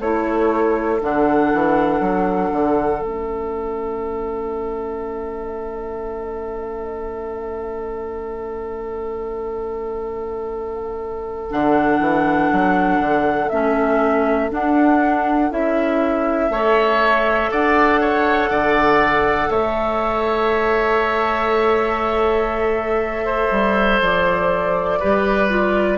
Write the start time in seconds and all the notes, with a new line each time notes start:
0.00 A3 E4 A4 C#5
1.01 D3 D4 F#5
1.53 E3
2.00 F#3
2.52 D3
3.01 A3 C#4 E5
11.50 D3 D4 F#5
11.99 E3
12.52 F#3
12.99 D3
13.49 A3 C#4 E5
14.50 D4 F#5
15.50 C#4 E4 E5
16.49 A3 A4 C#5
17.51 D4 D5 F#5
18.00 C#5
18.50 D3 D5
19.49 A3 C#5 E5
23.25 C5
23.51 G3
24.00 F3 D5
24.99 G3 G4 B4
25.49 F4